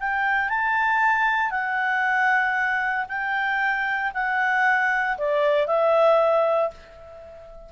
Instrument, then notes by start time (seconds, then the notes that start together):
clarinet
0.00 G5
0.49 A5
1.51 F#5
3.09 G5
4.14 F#5
5.18 D5
5.68 E5